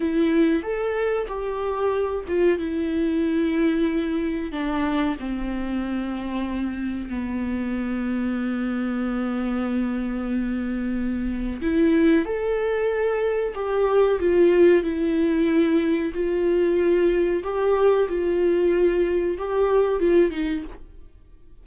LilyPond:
\new Staff \with { instrumentName = "viola" } { \time 4/4 \tempo 4 = 93 e'4 a'4 g'4. f'8 | e'2. d'4 | c'2. b4~ | b1~ |
b2 e'4 a'4~ | a'4 g'4 f'4 e'4~ | e'4 f'2 g'4 | f'2 g'4 f'8 dis'8 | }